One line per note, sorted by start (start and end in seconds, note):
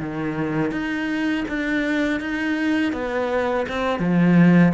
0.00 0.72 D#3
0.72 1.45 D#4
1.48 2.20 D4
2.20 2.93 D#4
2.93 3.66 B3
3.69 3.99 C4
3.99 4.73 F3